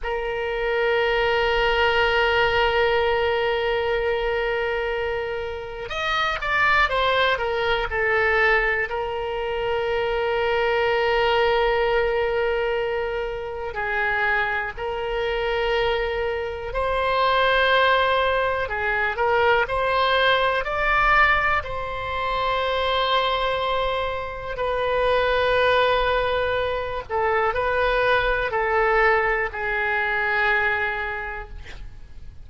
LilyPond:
\new Staff \with { instrumentName = "oboe" } { \time 4/4 \tempo 4 = 61 ais'1~ | ais'2 dis''8 d''8 c''8 ais'8 | a'4 ais'2.~ | ais'2 gis'4 ais'4~ |
ais'4 c''2 gis'8 ais'8 | c''4 d''4 c''2~ | c''4 b'2~ b'8 a'8 | b'4 a'4 gis'2 | }